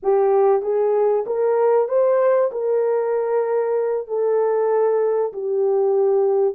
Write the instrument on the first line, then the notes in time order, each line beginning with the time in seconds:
horn
0.02 G4
0.62 G#4
1.26 A#4
1.88 C5
2.51 A#4
4.07 A4
5.32 G4